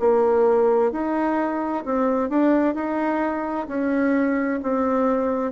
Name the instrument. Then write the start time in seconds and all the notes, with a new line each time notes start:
bassoon
0.00 A#3
0.92 D#4
1.85 C4
2.30 D4
2.75 D#4
3.68 C#4
4.63 C4